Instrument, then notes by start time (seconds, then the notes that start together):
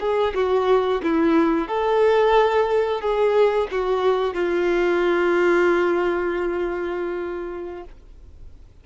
violin
0.00 G#4
0.35 F#4
1.03 E4
1.68 A4
3.01 G#4
3.71 F#4
4.33 F4